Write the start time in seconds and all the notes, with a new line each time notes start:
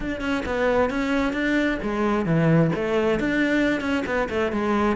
0.00 D4
0.21 C#4
0.45 B3
0.89 C#4
1.32 D4
1.82 G#3
2.25 E3
2.75 A3
3.19 D4
3.81 C#4
4.06 B3
4.29 A3
4.51 G#3